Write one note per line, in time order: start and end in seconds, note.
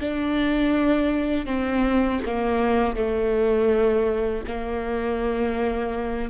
0.00 1.46 D4
1.46 2.20 C4
2.26 2.96 A#3
2.96 4.44 A3
4.47 6.30 A#3